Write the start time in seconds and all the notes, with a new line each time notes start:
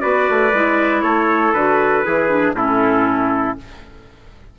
0.00 B3 F#4 B4 D5
0.30 A3
0.53 G#3 E4
1.02 A3 A4 C#5
1.53 D3 F#4 B4
2.05 E3 E4 G#4
2.29 D4
2.53 A2 C#4 E4 A4